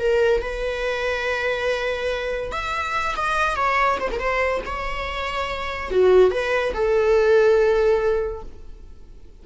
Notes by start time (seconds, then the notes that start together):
0.00 A#4
0.42 B4
2.52 E5
3.17 D#5
3.56 C#5
4.00 C5
4.12 A#4
4.20 C5
4.66 C#5
5.91 F#4
6.31 B4
6.74 A4